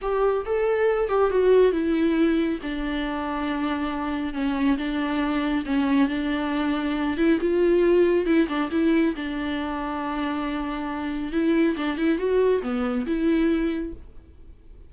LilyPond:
\new Staff \with { instrumentName = "viola" } { \time 4/4 \tempo 4 = 138 g'4 a'4. g'8 fis'4 | e'2 d'2~ | d'2 cis'4 d'4~ | d'4 cis'4 d'2~ |
d'8 e'8 f'2 e'8 d'8 | e'4 d'2.~ | d'2 e'4 d'8 e'8 | fis'4 b4 e'2 | }